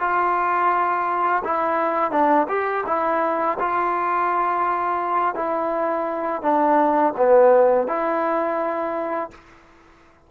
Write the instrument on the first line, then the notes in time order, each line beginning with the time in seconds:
trombone
0.00 F4
1.44 E4
2.11 D4
2.48 G4
2.87 E4
3.59 F4
5.35 E4
6.42 D4
7.17 B3
7.88 E4